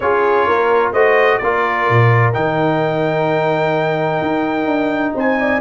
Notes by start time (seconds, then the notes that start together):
0.00 C#4 F4 G#4 C#5
0.46 A#3 A#4
0.92 A3 F#4 C5 D#5
1.38 A#3 F4 A#4 D5
1.89 A#2
2.33 D#3 D#4 G5
4.21 D#4
4.65 D4
5.14 C4 C5 G#5
5.40 D5